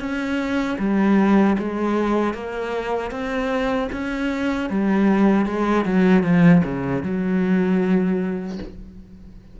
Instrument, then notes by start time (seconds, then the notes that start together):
cello
0.00 C#4
0.79 G3
1.59 G#3
2.34 A#3
3.11 C4
3.92 C#4
4.70 G3
5.46 G#3
5.85 F#3
6.23 F3
6.64 C#3
7.03 F#3